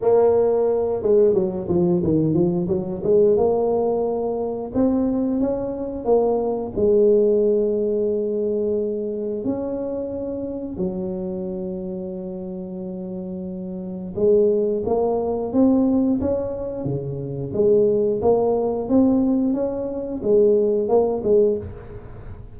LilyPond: \new Staff \with { instrumentName = "tuba" } { \time 4/4 \tempo 4 = 89 ais4. gis8 fis8 f8 dis8 f8 | fis8 gis8 ais2 c'4 | cis'4 ais4 gis2~ | gis2 cis'2 |
fis1~ | fis4 gis4 ais4 c'4 | cis'4 cis4 gis4 ais4 | c'4 cis'4 gis4 ais8 gis8 | }